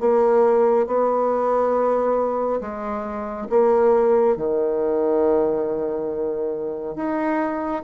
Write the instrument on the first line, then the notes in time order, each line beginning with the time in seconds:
bassoon
0.00 A#3
0.87 B3
2.61 G#3
3.49 A#3
4.36 D#3
6.96 D#4